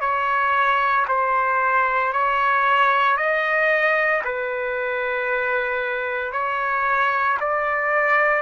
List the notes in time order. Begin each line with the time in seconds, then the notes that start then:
0.00 C#5
1.08 C5
2.12 C#5
3.17 D#5
4.24 B4
6.32 C#5
7.40 D5